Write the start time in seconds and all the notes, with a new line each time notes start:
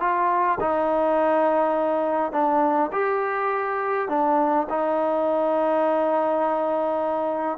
0.00 F4
0.60 D#4
2.32 D4
2.92 G4
4.09 D4
4.69 D#4